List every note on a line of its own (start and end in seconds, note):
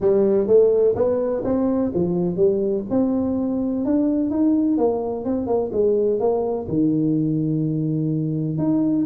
0.01 0.47 G3
0.47 0.95 A3
0.95 1.43 B3
1.44 1.92 C4
1.94 2.36 F3
2.36 2.84 G3
2.90 3.85 C4
3.85 4.30 D4
4.30 4.77 D#4
4.77 5.24 A#3
5.24 5.46 C4
5.46 5.70 A#3
5.72 6.19 G#3
6.19 6.67 A#3
6.68 8.58 D#3
8.58 9.05 D#4